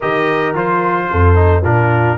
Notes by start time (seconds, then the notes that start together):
0.00 D#3 G4 A#4 D#5
0.54 F3 F4 C5
1.10 F2 A4
1.35 D#4
1.62 A#2 D4 F4 A#4